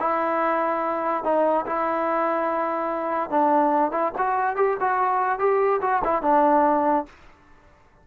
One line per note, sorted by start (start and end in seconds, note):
0.00 1.24 E4
1.24 1.66 D#4
1.66 3.30 E4
3.30 3.92 D4
3.92 4.12 E4
4.18 4.56 F#4
4.56 4.77 G4
4.80 5.39 F#4
5.39 5.81 G4
5.81 6.02 F#4
6.04 6.22 E4
6.22 7.06 D4